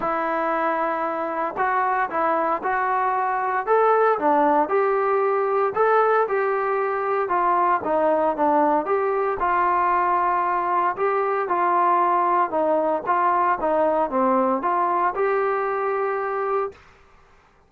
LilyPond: \new Staff \with { instrumentName = "trombone" } { \time 4/4 \tempo 4 = 115 e'2. fis'4 | e'4 fis'2 a'4 | d'4 g'2 a'4 | g'2 f'4 dis'4 |
d'4 g'4 f'2~ | f'4 g'4 f'2 | dis'4 f'4 dis'4 c'4 | f'4 g'2. | }